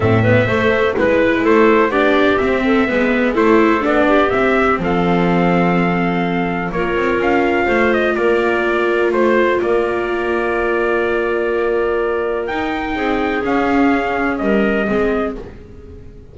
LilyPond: <<
  \new Staff \with { instrumentName = "trumpet" } { \time 4/4 \tempo 4 = 125 e''2 b'4 c''4 | d''4 e''2 c''4 | d''4 e''4 f''2~ | f''2 cis''4 f''4~ |
f''8 dis''8 d''2 c''4 | d''1~ | d''2 g''2 | f''2 dis''2 | }
  \new Staff \with { instrumentName = "clarinet" } { \time 4/4 a'8 b'8 c''4 b'4 a'4 | g'4. a'8 b'4 a'4~ | a'8 g'4. a'2~ | a'2 ais'2 |
c''4 ais'2 c''4 | ais'1~ | ais'2. gis'4~ | gis'2 ais'4 gis'4 | }
  \new Staff \with { instrumentName = "viola" } { \time 4/4 c'8 b8 a4 e'2 | d'4 c'4 b4 e'4 | d'4 c'2.~ | c'2 f'2~ |
f'1~ | f'1~ | f'2 dis'2 | cis'2. c'4 | }
  \new Staff \with { instrumentName = "double bass" } { \time 4/4 a,4 a4 gis4 a4 | b4 c'4 gis4 a4 | b4 c'4 f2~ | f2 ais8 c'8 cis'4 |
a4 ais2 a4 | ais1~ | ais2 dis'4 c'4 | cis'2 g4 gis4 | }
>>